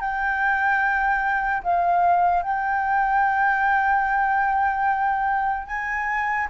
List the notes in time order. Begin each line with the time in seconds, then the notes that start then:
0.00 G5
1.63 F5
2.42 G5
5.67 G#5